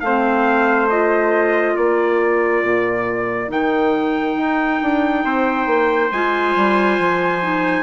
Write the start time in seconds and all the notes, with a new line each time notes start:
0.00 A3 C4 C5 F5
0.89 F4 D#5
1.76 A#3 A#4 D5
2.62 A#2
3.48 D#3 D#4 G5
4.36 D#4
4.82 D4
5.24 C4 C5
5.66 A#3
6.11 G#3 F4 G#5
6.55 G3
6.99 F3
7.42 D#4